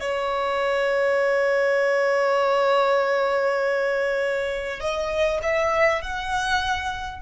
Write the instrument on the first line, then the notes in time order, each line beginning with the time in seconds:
violin
0.00 C#5
4.80 D#5
5.42 E5
6.02 F#5